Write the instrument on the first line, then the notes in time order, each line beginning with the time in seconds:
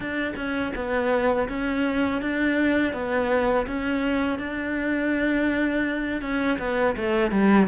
cello
0.00 D4
0.36 C#4
0.75 B3
1.48 C#4
2.21 D4
2.93 B3
3.67 C#4
4.38 D4
6.21 C#4
6.59 B3
6.96 A3
7.31 G3